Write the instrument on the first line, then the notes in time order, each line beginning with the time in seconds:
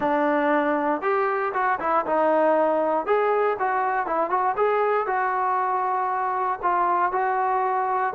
trombone
0.00 D4
1.01 G4
1.53 F#4
1.80 E4
2.06 D#4
3.06 G#4
3.59 F#4
4.06 E4
4.29 F#4
4.56 G#4
5.06 F#4
6.62 F4
7.12 F#4